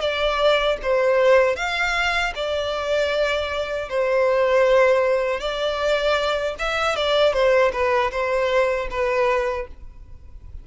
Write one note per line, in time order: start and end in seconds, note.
0.00 0.77 D5
0.82 1.56 C5
1.56 2.33 F5
2.35 3.89 D5
3.89 5.40 C5
5.40 6.55 D5
6.59 6.95 E5
6.95 7.33 D5
7.33 7.71 C5
7.72 8.10 B4
8.11 8.88 C5
8.90 9.67 B4